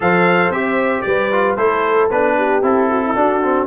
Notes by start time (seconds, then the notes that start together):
0.00 F3 A4 C5 F5
0.50 C4 G4 E5
1.01 G3 B4 D5
1.31 F4
1.56 A3 E4 A4 C5
2.10 B3 D4 B4
2.37 G4
2.62 C4 E4 A4
2.89 F#4
3.04 E4
3.15 D4 F#4
3.42 C4